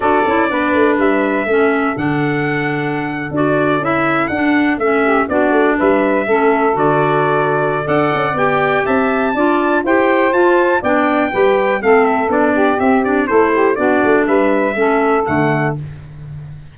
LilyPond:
<<
  \new Staff \with { instrumentName = "trumpet" } { \time 4/4 \tempo 4 = 122 d''2 e''2 | fis''2~ fis''8. d''4 e''16~ | e''8. fis''4 e''4 d''4 e''16~ | e''4.~ e''16 d''2~ d''16 |
fis''4 g''4 a''2 | g''4 a''4 g''2 | f''8 e''8 d''4 e''8 d''8 c''4 | d''4 e''2 fis''4 | }
  \new Staff \with { instrumentName = "saxophone" } { \time 4/4 a'4 b'2 a'4~ | a'1~ | a'2~ a'16 g'8 fis'4 b'16~ | b'8. a'2.~ a'16 |
d''2 e''4 d''4 | c''2 d''4 b'4 | a'4. g'4. a'8 g'8 | fis'4 b'4 a'2 | }
  \new Staff \with { instrumentName = "clarinet" } { \time 4/4 fis'8 e'8 d'2 cis'4 | d'2~ d'8. fis'4 e'16~ | e'8. d'4 cis'4 d'4~ d'16~ | d'8. cis'4 fis'2~ fis'16 |
a'4 g'2 f'4 | g'4 f'4 d'4 g'4 | c'4 d'4 c'8 d'8 e'4 | d'2 cis'4 a4 | }
  \new Staff \with { instrumentName = "tuba" } { \time 4/4 d'8 cis'8 b8 a8 g4 a4 | d2~ d8. d'4 cis'16~ | cis'8. d'4 a4 b8 a8 g16~ | g8. a4 d2~ d16 |
d'8 cis'8 b4 c'4 d'4 | e'4 f'4 b4 g4 | a4 b4 c'4 a4 | b8 a8 g4 a4 d4 | }
>>